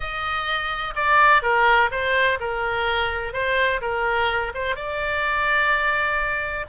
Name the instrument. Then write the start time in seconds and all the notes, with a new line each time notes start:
oboe
0.00 D#5
0.95 D5
1.42 A#4
1.91 C5
2.40 A#4
3.33 C5
3.81 A#4
4.54 C5
4.75 D5